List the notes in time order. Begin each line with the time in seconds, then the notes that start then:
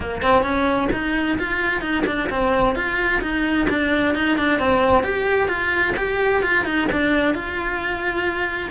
0.00 A#3
0.21 C4
0.42 C#4
0.92 D#4
1.38 F4
1.81 D#4
2.06 D4
2.29 C4
2.75 F4
3.21 D#4
3.69 D4
4.14 D#4
4.37 D4
4.59 C4
5.03 G4
5.48 F4
5.96 G4
6.42 F4
6.65 D#4
6.91 D4
7.34 F4